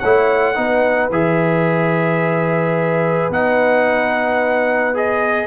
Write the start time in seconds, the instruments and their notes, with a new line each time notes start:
0.00 tuba A3, trombone E4, horn C#5, trumpet F#5
0.55 tuba B3, trombone D#4, horn B4
1.10 tuba E3, trombone G#4, trumpet E5
3.30 tuba B3, trombone D#4, trumpet F#5
4.95 trombone G#4, trumpet D#5